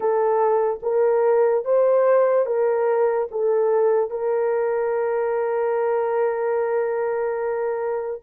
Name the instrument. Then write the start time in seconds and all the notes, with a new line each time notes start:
horn
0.00 A4
0.82 A#4
1.64 C5
2.45 A#4
3.31 A4
4.10 A#4